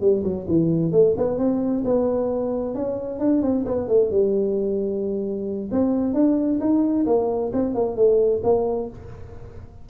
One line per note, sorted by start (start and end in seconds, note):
0.00 0.23 G3
0.23 0.46 F#3
0.48 0.92 E3
0.92 1.14 A3
1.17 1.38 B3
1.38 1.83 C4
1.84 2.74 B3
2.74 3.19 C#4
3.19 3.42 D4
3.42 3.65 C4
3.65 3.88 B3
3.88 4.10 A3
4.10 5.69 G3
5.71 6.13 C4
6.13 6.59 D4
6.60 7.06 D#4
7.06 7.51 A#3
7.53 7.74 C4
7.74 7.96 A#3
7.96 8.41 A3
8.43 8.89 A#3